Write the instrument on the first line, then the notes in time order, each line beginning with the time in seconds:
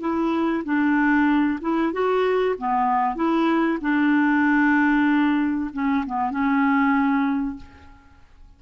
clarinet
0.00 E4
0.64 D4
1.60 E4
1.92 F#4
2.58 B3
3.15 E4
3.81 D4
5.73 C#4
6.06 B3
6.30 C#4